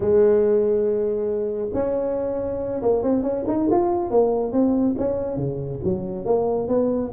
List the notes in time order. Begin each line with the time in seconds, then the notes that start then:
0.00 G#3
1.73 C#4
2.82 A#3
3.02 C4
3.22 C#4
3.47 D#4
3.70 F4
4.10 A#3
4.52 C4
4.98 C#4
5.36 C#3
5.84 F#3
6.25 A#3
6.67 B3